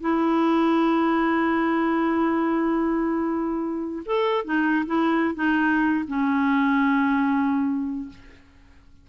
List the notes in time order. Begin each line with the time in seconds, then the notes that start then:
0.00 E4
4.05 A4
4.44 D#4
4.86 E4
5.34 D#4
6.07 C#4